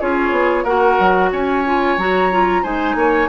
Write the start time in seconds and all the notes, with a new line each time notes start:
0.00 C#4 F4 G#4 C#5
0.31 B3
0.64 A#3 F#4 A#4 F#5
0.99 F#3
1.32 C#4 C#5 G#5
1.65 F4
1.97 F#3 F#4 A#5
2.32 F4
2.62 G#3 D#4 C5 G#5
2.95 A#3 C#5